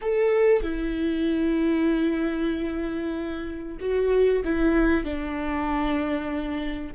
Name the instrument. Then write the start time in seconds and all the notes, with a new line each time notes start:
viola
0.01 A4
0.62 E4
3.80 F#4
4.44 E4
5.04 D4